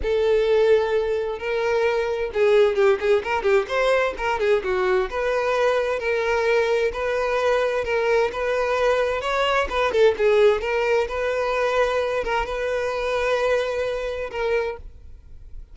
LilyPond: \new Staff \with { instrumentName = "violin" } { \time 4/4 \tempo 4 = 130 a'2. ais'4~ | ais'4 gis'4 g'8 gis'8 ais'8 g'8 | c''4 ais'8 gis'8 fis'4 b'4~ | b'4 ais'2 b'4~ |
b'4 ais'4 b'2 | cis''4 b'8 a'8 gis'4 ais'4 | b'2~ b'8 ais'8 b'4~ | b'2. ais'4 | }